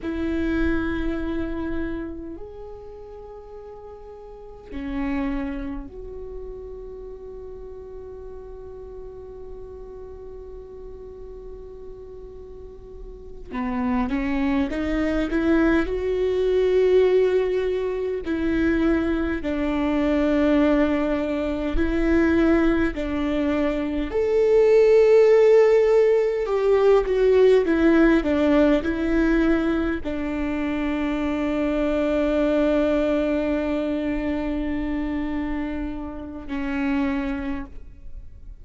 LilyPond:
\new Staff \with { instrumentName = "viola" } { \time 4/4 \tempo 4 = 51 e'2 gis'2 | cis'4 fis'2.~ | fis'2.~ fis'8 b8 | cis'8 dis'8 e'8 fis'2 e'8~ |
e'8 d'2 e'4 d'8~ | d'8 a'2 g'8 fis'8 e'8 | d'8 e'4 d'2~ d'8~ | d'2. cis'4 | }